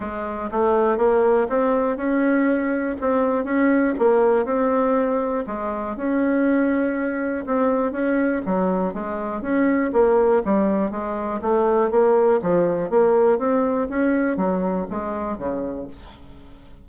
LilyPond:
\new Staff \with { instrumentName = "bassoon" } { \time 4/4 \tempo 4 = 121 gis4 a4 ais4 c'4 | cis'2 c'4 cis'4 | ais4 c'2 gis4 | cis'2. c'4 |
cis'4 fis4 gis4 cis'4 | ais4 g4 gis4 a4 | ais4 f4 ais4 c'4 | cis'4 fis4 gis4 cis4 | }